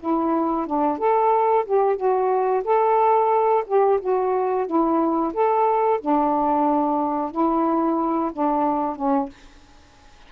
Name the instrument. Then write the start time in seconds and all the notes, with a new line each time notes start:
saxophone
0.00 E4
0.66 D4
0.98 A4
1.65 G4
1.96 F#4
2.64 A4
3.67 G4
4.01 F#4
4.66 E4
5.33 A4
6.01 D4
7.31 E4
8.32 D4
8.96 C#4